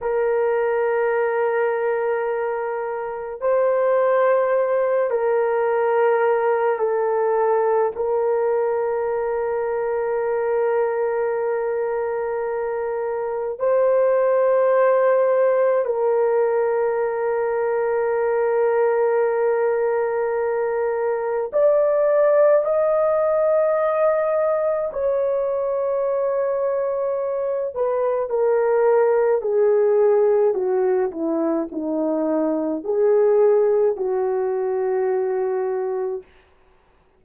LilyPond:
\new Staff \with { instrumentName = "horn" } { \time 4/4 \tempo 4 = 53 ais'2. c''4~ | c''8 ais'4. a'4 ais'4~ | ais'1 | c''2 ais'2~ |
ais'2. d''4 | dis''2 cis''2~ | cis''8 b'8 ais'4 gis'4 fis'8 e'8 | dis'4 gis'4 fis'2 | }